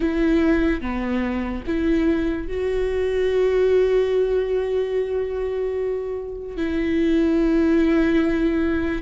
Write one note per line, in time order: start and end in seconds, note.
0.00 0.81 E4
0.81 1.63 B3
1.66 2.47 E4
2.47 6.56 F#4
6.56 9.02 E4